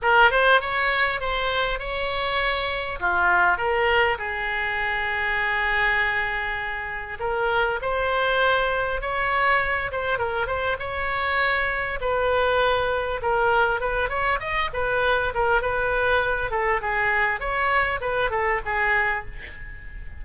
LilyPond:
\new Staff \with { instrumentName = "oboe" } { \time 4/4 \tempo 4 = 100 ais'8 c''8 cis''4 c''4 cis''4~ | cis''4 f'4 ais'4 gis'4~ | gis'1 | ais'4 c''2 cis''4~ |
cis''8 c''8 ais'8 c''8 cis''2 | b'2 ais'4 b'8 cis''8 | dis''8 b'4 ais'8 b'4. a'8 | gis'4 cis''4 b'8 a'8 gis'4 | }